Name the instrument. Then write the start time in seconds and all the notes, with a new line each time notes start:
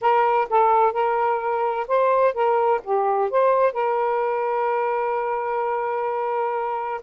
saxophone
0.01 A#4
0.49 A4
0.93 A#4
1.87 C5
2.34 A#4
2.83 G4
3.30 C5
3.73 A#4